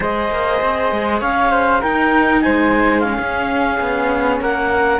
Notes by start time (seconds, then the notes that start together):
0.00 G#3 G#4 C5 D#5
0.30 A#3
0.61 C4
0.91 G#3
1.20 C#4 C#5 F5
1.50 C5
1.80 D#4 A#4 G5
2.41 G#3 C5 G#5
3.00 C#4 G#4 F5
3.18 C#4
3.80 B3
4.40 A#3 A#4 F#5